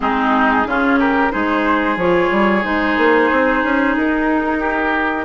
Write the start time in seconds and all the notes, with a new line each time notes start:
0.00 G#3 C4 D#4 G#4
0.65 C#3 C#4 F4
0.99 G4 A#4
1.30 G#3 D#4 G#4 C5
1.96 F3 F4 C#5
2.30 G3
2.62 G#3 D#4 C5
2.97 A#3
3.31 C4
3.63 C#4
3.96 D#4 A#4
4.59 G4